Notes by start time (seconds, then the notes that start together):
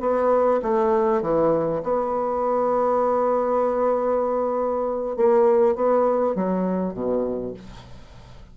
0.00 B3
0.62 A3
1.21 E3
1.83 B3
5.16 A#3
5.75 B3
6.35 F#3
6.93 B2